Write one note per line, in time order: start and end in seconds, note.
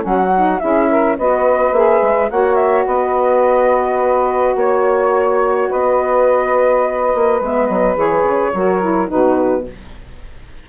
0.00 0.61 F#3
0.00 0.28 C#4
0.00 0.61 F#4
0.00 0.59 F#5
0.35 0.60 D#4
0.59 1.18 C#4
0.59 1.16 E4
0.59 0.89 G#4
0.59 1.16 E5
0.89 1.17 A#4
1.17 1.71 B3
1.17 1.73 F#4
1.17 2.30 B4
1.17 1.72 D#5
1.71 2.00 A#3
1.71 2.29 G#4
1.71 2.29 E5
2.01 2.30 G#3
2.29 2.86 A#3
2.29 7.39 F#4
2.29 2.85 C#5
2.29 2.55 F#5
2.55 2.83 E5
2.85 4.55 B3
2.85 4.55 B4
2.85 4.56 D#5
4.55 5.68 A#3
4.55 5.68 C#5
4.55 5.71 C#5
5.68 7.14 B3
5.68 8.51 B4
5.68 7.41 D#5
7.14 7.40 A#3
7.40 7.68 G#3
7.40 7.96 B3
7.40 7.67 E5
7.67 7.96 F#3
7.67 7.95 D#5
7.96 8.22 E3
7.96 8.52 G#4
7.96 9.09 C#5
8.22 8.50 C#3
8.53 9.10 F#3
8.53 8.81 F#4
8.53 9.09 A#4
8.81 9.07 E4
9.07 9.68 B2
9.07 9.64 D#4
9.07 9.66 F#4
9.07 9.66 B4